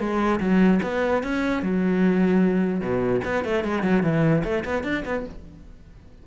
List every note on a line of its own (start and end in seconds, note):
0.00 0.40 G#3
0.40 0.81 F#3
0.83 1.24 B3
1.24 1.63 C#4
1.63 2.81 F#3
2.81 3.21 B2
3.25 3.45 B3
3.45 3.64 A3
3.64 3.83 G#3
3.83 4.03 F#3
4.03 4.44 E3
4.45 4.65 A3
4.65 4.84 B3
4.84 5.04 D4
5.06 5.26 B3